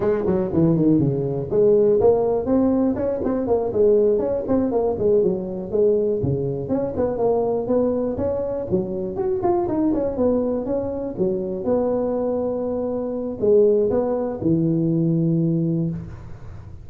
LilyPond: \new Staff \with { instrumentName = "tuba" } { \time 4/4 \tempo 4 = 121 gis8 fis8 e8 dis8 cis4 gis4 | ais4 c'4 cis'8 c'8 ais8 gis8~ | gis8 cis'8 c'8 ais8 gis8 fis4 gis8~ | gis8 cis4 cis'8 b8 ais4 b8~ |
b8 cis'4 fis4 fis'8 f'8 dis'8 | cis'8 b4 cis'4 fis4 b8~ | b2. gis4 | b4 e2. | }